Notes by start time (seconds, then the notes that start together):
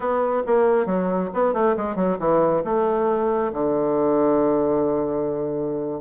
0.00 B3
0.46 A#3
0.85 F#3
1.33 B3
1.53 A3
1.76 G#3
1.95 F#3
2.19 E3
2.64 A3
3.53 D3